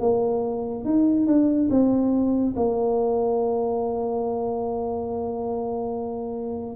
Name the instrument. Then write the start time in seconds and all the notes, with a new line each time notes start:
tuba
0.00 A#3
0.85 D#4
1.27 D4
1.70 C4
2.56 A#3